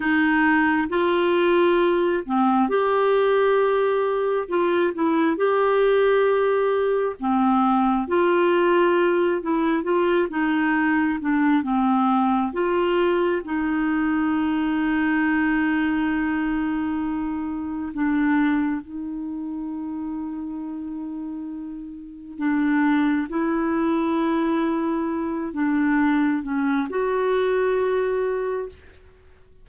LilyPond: \new Staff \with { instrumentName = "clarinet" } { \time 4/4 \tempo 4 = 67 dis'4 f'4. c'8 g'4~ | g'4 f'8 e'8 g'2 | c'4 f'4. e'8 f'8 dis'8~ | dis'8 d'8 c'4 f'4 dis'4~ |
dis'1 | d'4 dis'2.~ | dis'4 d'4 e'2~ | e'8 d'4 cis'8 fis'2 | }